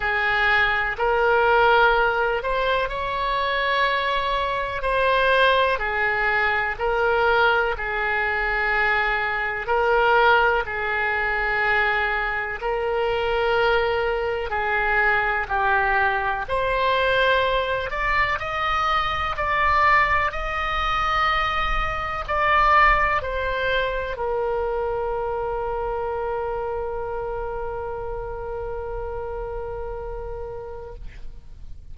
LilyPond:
\new Staff \with { instrumentName = "oboe" } { \time 4/4 \tempo 4 = 62 gis'4 ais'4. c''8 cis''4~ | cis''4 c''4 gis'4 ais'4 | gis'2 ais'4 gis'4~ | gis'4 ais'2 gis'4 |
g'4 c''4. d''8 dis''4 | d''4 dis''2 d''4 | c''4 ais'2.~ | ais'1 | }